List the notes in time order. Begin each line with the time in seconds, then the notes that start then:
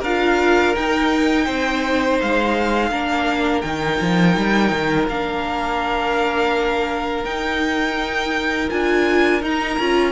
0.00 D4 F4 A#4 F5
0.75 D#4 G5
1.46 C4 C5
2.21 G#3 F5
2.91 A#3 D4 A#4
3.61 D#3 D#4 G5
4.01 F3
4.37 G3
4.72 D#3
5.08 A#3 D4 F5
7.24 D#4 G5
8.70 D4 F4 G#5
9.42 D#4 A#5
9.79 C#4 F4